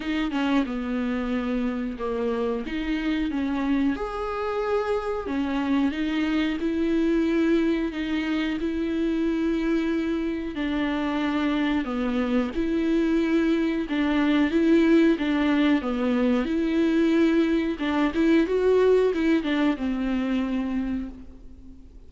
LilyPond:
\new Staff \with { instrumentName = "viola" } { \time 4/4 \tempo 4 = 91 dis'8 cis'8 b2 ais4 | dis'4 cis'4 gis'2 | cis'4 dis'4 e'2 | dis'4 e'2. |
d'2 b4 e'4~ | e'4 d'4 e'4 d'4 | b4 e'2 d'8 e'8 | fis'4 e'8 d'8 c'2 | }